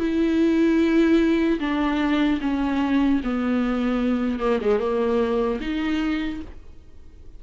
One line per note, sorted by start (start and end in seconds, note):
0.00 1.60 E4
1.60 2.40 D4
2.41 3.21 C#4
3.24 4.40 B3
4.40 4.60 A#3
4.62 4.80 G#3
4.80 5.60 A#3
5.61 6.41 D#4